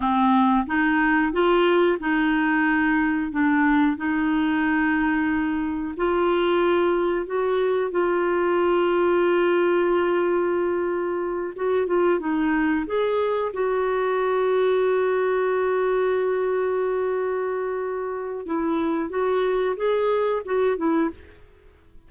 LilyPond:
\new Staff \with { instrumentName = "clarinet" } { \time 4/4 \tempo 4 = 91 c'4 dis'4 f'4 dis'4~ | dis'4 d'4 dis'2~ | dis'4 f'2 fis'4 | f'1~ |
f'4. fis'8 f'8 dis'4 gis'8~ | gis'8 fis'2.~ fis'8~ | fis'1 | e'4 fis'4 gis'4 fis'8 e'8 | }